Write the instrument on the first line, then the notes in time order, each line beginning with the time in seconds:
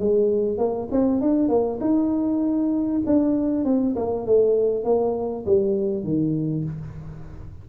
tuba
0.00 G#3
0.58 A#3
0.92 C4
1.21 D4
1.49 A#3
1.81 D#4
3.07 D4
3.65 C4
3.96 A#3
4.27 A3
4.85 A#3
5.46 G3
6.04 D#3